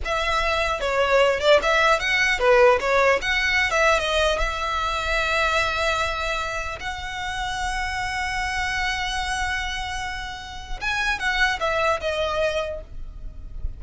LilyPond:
\new Staff \with { instrumentName = "violin" } { \time 4/4 \tempo 4 = 150 e''2 cis''4. d''8 | e''4 fis''4 b'4 cis''4 | fis''4~ fis''16 e''8. dis''4 e''4~ | e''1~ |
e''4 fis''2.~ | fis''1~ | fis''2. gis''4 | fis''4 e''4 dis''2 | }